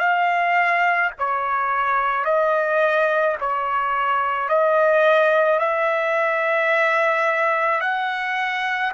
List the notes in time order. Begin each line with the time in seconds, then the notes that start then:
0.00 F5
1.19 C#5
2.25 D#5
3.41 C#5
4.49 D#5
5.60 E5
7.81 F#5